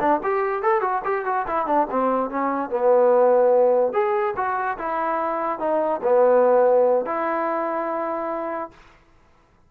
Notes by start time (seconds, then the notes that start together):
0.00 D4
0.24 G4
0.62 A4
0.81 F#4
1.05 G4
1.25 F#4
1.47 E4
1.66 D4
1.90 C4
2.30 C#4
2.70 B3
3.93 G#4
4.36 F#4
4.78 E4
5.59 D#4
6.03 B3
7.06 E4